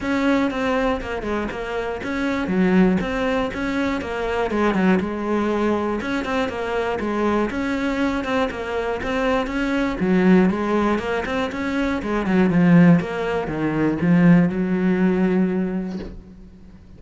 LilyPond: \new Staff \with { instrumentName = "cello" } { \time 4/4 \tempo 4 = 120 cis'4 c'4 ais8 gis8 ais4 | cis'4 fis4 c'4 cis'4 | ais4 gis8 fis8 gis2 | cis'8 c'8 ais4 gis4 cis'4~ |
cis'8 c'8 ais4 c'4 cis'4 | fis4 gis4 ais8 c'8 cis'4 | gis8 fis8 f4 ais4 dis4 | f4 fis2. | }